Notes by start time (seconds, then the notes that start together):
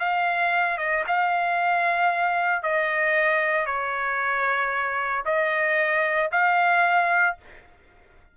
0.00 F5
0.78 D#5
1.08 F5
2.63 D#5
3.66 C#5
5.25 D#5
6.32 F5